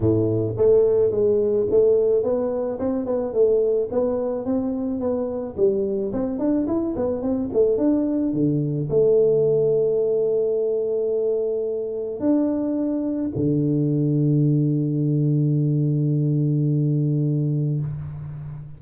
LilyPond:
\new Staff \with { instrumentName = "tuba" } { \time 4/4 \tempo 4 = 108 a,4 a4 gis4 a4 | b4 c'8 b8 a4 b4 | c'4 b4 g4 c'8 d'8 | e'8 b8 c'8 a8 d'4 d4 |
a1~ | a2 d'2 | d1~ | d1 | }